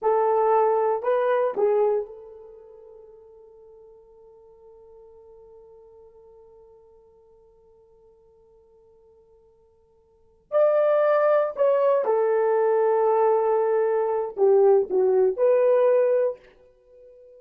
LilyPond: \new Staff \with { instrumentName = "horn" } { \time 4/4 \tempo 4 = 117 a'2 b'4 gis'4 | a'1~ | a'1~ | a'1~ |
a'1~ | a'8 d''2 cis''4 a'8~ | a'1 | g'4 fis'4 b'2 | }